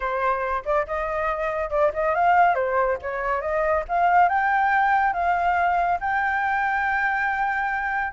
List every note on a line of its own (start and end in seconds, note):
0.00 0.63 C5
0.65 0.86 D5
0.86 1.70 D#5
1.70 1.91 D5
1.93 2.14 D#5
2.14 2.54 F5
2.54 2.97 C5
3.02 3.41 C#5
3.41 3.84 D#5
3.88 4.28 F5
4.28 5.13 G5
5.13 5.98 F5
6.00 8.13 G5